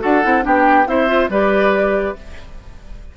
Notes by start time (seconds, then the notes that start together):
0.00 D4 F#4 A4 F#5
0.23 C4 E4
0.42 B3 D4 G4 G5
0.87 C4 E4 C5 E5
1.08 F4
1.29 G3 G4 B4 D5